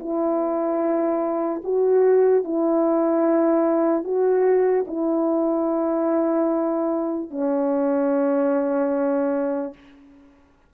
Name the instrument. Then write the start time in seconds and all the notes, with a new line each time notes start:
horn
0.00 E4
1.64 F#4
2.44 E4
4.04 F#4
4.87 E4
7.31 C#4